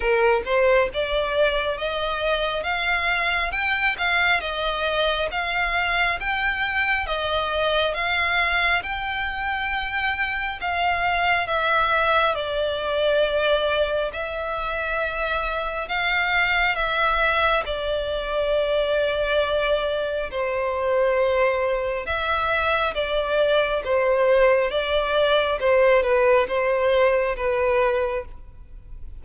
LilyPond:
\new Staff \with { instrumentName = "violin" } { \time 4/4 \tempo 4 = 68 ais'8 c''8 d''4 dis''4 f''4 | g''8 f''8 dis''4 f''4 g''4 | dis''4 f''4 g''2 | f''4 e''4 d''2 |
e''2 f''4 e''4 | d''2. c''4~ | c''4 e''4 d''4 c''4 | d''4 c''8 b'8 c''4 b'4 | }